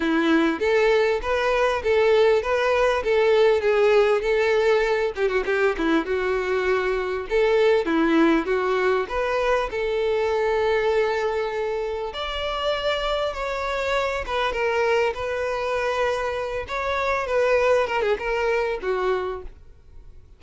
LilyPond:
\new Staff \with { instrumentName = "violin" } { \time 4/4 \tempo 4 = 99 e'4 a'4 b'4 a'4 | b'4 a'4 gis'4 a'4~ | a'8 g'16 fis'16 g'8 e'8 fis'2 | a'4 e'4 fis'4 b'4 |
a'1 | d''2 cis''4. b'8 | ais'4 b'2~ b'8 cis''8~ | cis''8 b'4 ais'16 gis'16 ais'4 fis'4 | }